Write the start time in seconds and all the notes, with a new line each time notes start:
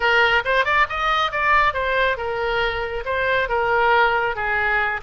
0.00 A#4
0.45 C5
0.65 D5
0.89 D#5
1.31 D5
1.73 C5
2.17 A#4
3.05 C5
3.48 A#4
4.35 G#4